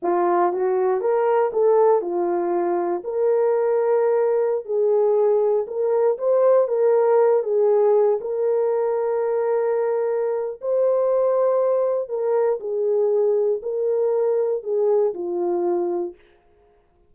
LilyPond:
\new Staff \with { instrumentName = "horn" } { \time 4/4 \tempo 4 = 119 f'4 fis'4 ais'4 a'4 | f'2 ais'2~ | ais'4~ ais'16 gis'2 ais'8.~ | ais'16 c''4 ais'4. gis'4~ gis'16~ |
gis'16 ais'2.~ ais'8.~ | ais'4 c''2. | ais'4 gis'2 ais'4~ | ais'4 gis'4 f'2 | }